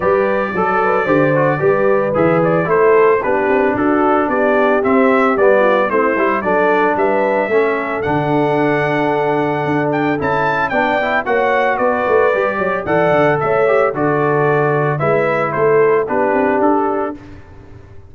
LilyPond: <<
  \new Staff \with { instrumentName = "trumpet" } { \time 4/4 \tempo 4 = 112 d''1 | e''8 d''8 c''4 b'4 a'4 | d''4 e''4 d''4 c''4 | d''4 e''2 fis''4~ |
fis''2~ fis''8 g''8 a''4 | g''4 fis''4 d''2 | fis''4 e''4 d''2 | e''4 c''4 b'4 a'4 | }
  \new Staff \with { instrumentName = "horn" } { \time 4/4 b'4 a'8 b'8 c''4 b'4~ | b'4 a'4 g'4 fis'4 | g'2~ g'8 f'8 e'4 | a'4 b'4 a'2~ |
a'1 | d''4 cis''4 b'4. cis''8 | d''4 cis''4 a'2 | b'4 a'4 g'2 | }
  \new Staff \with { instrumentName = "trombone" } { \time 4/4 g'4 a'4 g'8 fis'8 g'4 | gis'4 e'4 d'2~ | d'4 c'4 b4 c'8 e'8 | d'2 cis'4 d'4~ |
d'2. e'4 | d'8 e'8 fis'2 g'4 | a'4. g'8 fis'2 | e'2 d'2 | }
  \new Staff \with { instrumentName = "tuba" } { \time 4/4 g4 fis4 d4 g4 | e4 a4 b8 c'8 d'4 | b4 c'4 g4 a8 g8 | fis4 g4 a4 d4~ |
d2 d'4 cis'4 | b4 ais4 b8 a8 g8 fis8 | e8 d8 a4 d2 | gis4 a4 b8 c'8 d'4 | }
>>